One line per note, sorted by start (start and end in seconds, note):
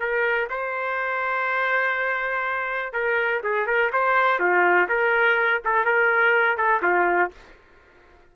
0.00 0.49 A#4
0.50 2.93 C5
2.93 3.42 A#4
3.43 3.67 G#4
3.67 3.91 A#4
3.92 4.39 C5
4.39 4.88 F4
4.88 5.62 A#4
5.65 5.85 A4
5.85 6.57 A#4
6.57 6.82 A4
6.82 7.31 F4